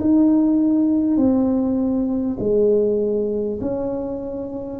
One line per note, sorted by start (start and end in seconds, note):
0.00 1.17 D#4
1.17 2.37 C4
2.39 3.59 G#3
3.61 4.79 C#4